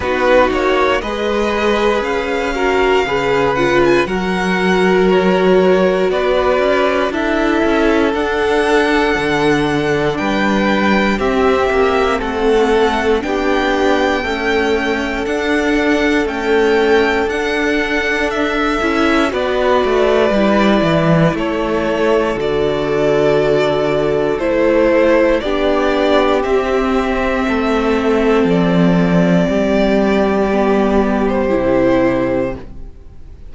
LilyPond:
<<
  \new Staff \with { instrumentName = "violin" } { \time 4/4 \tempo 4 = 59 b'8 cis''8 dis''4 f''4. fis''16 gis''16 | fis''4 cis''4 d''4 e''4 | fis''2 g''4 e''4 | fis''4 g''2 fis''4 |
g''4 fis''4 e''4 d''4~ | d''4 cis''4 d''2 | c''4 d''4 e''2 | d''2~ d''8. c''4~ c''16 | }
  \new Staff \with { instrumentName = "violin" } { \time 4/4 fis'4 b'4. ais'8 b'4 | ais'2 b'4 a'4~ | a'2 b'4 g'4 | a'4 g'4 a'2~ |
a'2. b'4~ | b'4 a'2.~ | a'4 g'2 a'4~ | a'4 g'2. | }
  \new Staff \with { instrumentName = "viola" } { \time 4/4 dis'4 gis'4. fis'8 gis'8 f'8 | fis'2. e'4 | d'2. c'4~ | c'4 d'4 a4 d'4 |
a4 d'4. e'8 fis'4 | e'2 fis'2 | e'4 d'4 c'2~ | c'2 b4 e'4 | }
  \new Staff \with { instrumentName = "cello" } { \time 4/4 b8 ais8 gis4 cis'4 cis4 | fis2 b8 cis'8 d'8 cis'8 | d'4 d4 g4 c'8 ais8 | a4 b4 cis'4 d'4 |
cis'4 d'4. cis'8 b8 a8 | g8 e8 a4 d2 | a4 b4 c'4 a4 | f4 g2 c4 | }
>>